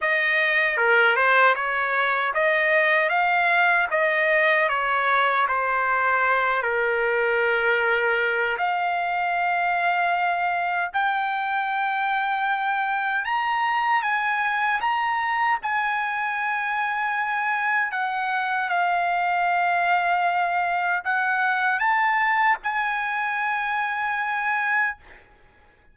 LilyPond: \new Staff \with { instrumentName = "trumpet" } { \time 4/4 \tempo 4 = 77 dis''4 ais'8 c''8 cis''4 dis''4 | f''4 dis''4 cis''4 c''4~ | c''8 ais'2~ ais'8 f''4~ | f''2 g''2~ |
g''4 ais''4 gis''4 ais''4 | gis''2. fis''4 | f''2. fis''4 | a''4 gis''2. | }